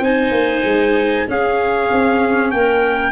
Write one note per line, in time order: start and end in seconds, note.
0.00 0.31 C4
0.00 1.28 D#4
0.00 1.28 C5
0.00 1.29 G#5
0.32 0.63 A#3
0.64 1.26 G#3
1.28 3.12 C#4
1.28 1.91 C#4
1.28 2.54 G#4
1.28 2.51 F5
1.92 2.54 C4
2.51 3.12 A#3
2.51 3.12 A#4
2.51 3.12 G5